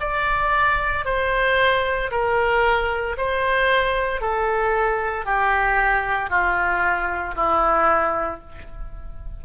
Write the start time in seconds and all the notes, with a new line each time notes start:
0.00 D5
1.05 C5
2.11 A#4
3.17 C5
4.21 A4
5.25 G4
6.30 F4
7.35 E4